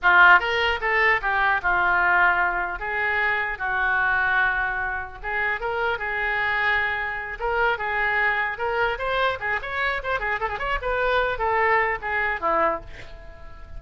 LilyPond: \new Staff \with { instrumentName = "oboe" } { \time 4/4 \tempo 4 = 150 f'4 ais'4 a'4 g'4 | f'2. gis'4~ | gis'4 fis'2.~ | fis'4 gis'4 ais'4 gis'4~ |
gis'2~ gis'8 ais'4 gis'8~ | gis'4. ais'4 c''4 gis'8 | cis''4 c''8 gis'8 a'16 gis'16 cis''8 b'4~ | b'8 a'4. gis'4 e'4 | }